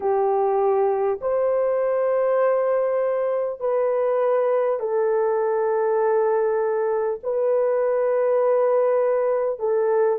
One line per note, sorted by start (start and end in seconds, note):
0.00 1.19 G4
1.21 3.60 C5
3.60 4.79 B4
4.79 7.19 A4
7.23 9.59 B4
9.59 10.19 A4